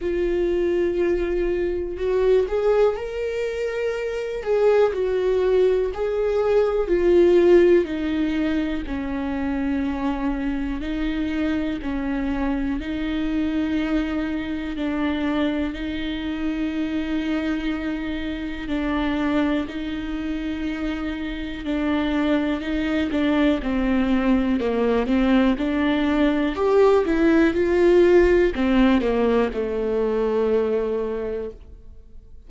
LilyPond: \new Staff \with { instrumentName = "viola" } { \time 4/4 \tempo 4 = 61 f'2 fis'8 gis'8 ais'4~ | ais'8 gis'8 fis'4 gis'4 f'4 | dis'4 cis'2 dis'4 | cis'4 dis'2 d'4 |
dis'2. d'4 | dis'2 d'4 dis'8 d'8 | c'4 ais8 c'8 d'4 g'8 e'8 | f'4 c'8 ais8 a2 | }